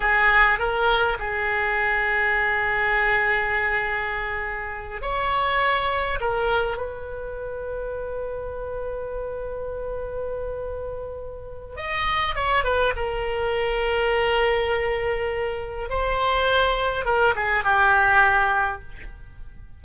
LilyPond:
\new Staff \with { instrumentName = "oboe" } { \time 4/4 \tempo 4 = 102 gis'4 ais'4 gis'2~ | gis'1~ | gis'8 cis''2 ais'4 b'8~ | b'1~ |
b'1 | dis''4 cis''8 b'8 ais'2~ | ais'2. c''4~ | c''4 ais'8 gis'8 g'2 | }